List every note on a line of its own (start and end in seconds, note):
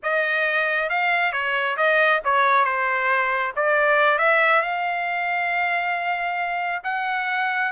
0.03 0.89 D#5
0.89 1.32 F5
1.32 1.76 C#5
1.76 2.21 D#5
2.24 2.64 C#5
2.64 3.53 C5
3.56 4.18 D5
4.18 4.61 E5
4.61 6.82 F5
6.83 7.71 F#5